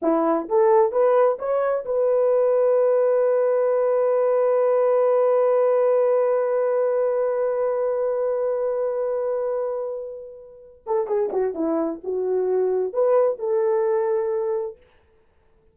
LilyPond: \new Staff \with { instrumentName = "horn" } { \time 4/4 \tempo 4 = 130 e'4 a'4 b'4 cis''4 | b'1~ | b'1~ | b'1~ |
b'1~ | b'2.~ b'8 a'8 | gis'8 fis'8 e'4 fis'2 | b'4 a'2. | }